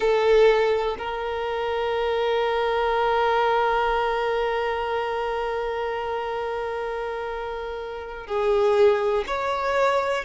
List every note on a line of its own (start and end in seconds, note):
0.00 0.96 A4
0.98 8.27 A#4
8.27 9.24 G#4
9.26 10.24 C#5